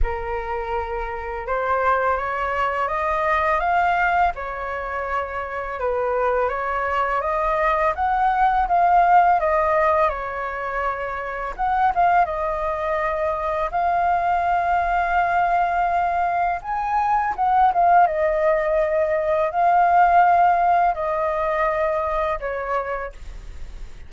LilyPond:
\new Staff \with { instrumentName = "flute" } { \time 4/4 \tempo 4 = 83 ais'2 c''4 cis''4 | dis''4 f''4 cis''2 | b'4 cis''4 dis''4 fis''4 | f''4 dis''4 cis''2 |
fis''8 f''8 dis''2 f''4~ | f''2. gis''4 | fis''8 f''8 dis''2 f''4~ | f''4 dis''2 cis''4 | }